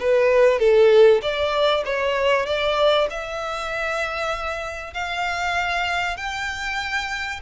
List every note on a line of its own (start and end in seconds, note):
0.00 0.60 B4
0.60 1.21 A4
1.22 1.84 D5
1.85 2.46 C#5
2.46 3.08 D5
3.10 4.94 E5
4.94 6.17 F5
6.17 7.41 G5